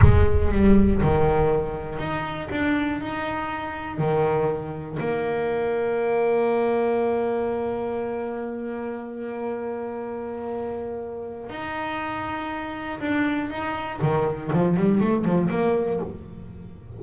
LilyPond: \new Staff \with { instrumentName = "double bass" } { \time 4/4 \tempo 4 = 120 gis4 g4 dis2 | dis'4 d'4 dis'2 | dis2 ais2~ | ais1~ |
ais1~ | ais2. dis'4~ | dis'2 d'4 dis'4 | dis4 f8 g8 a8 f8 ais4 | }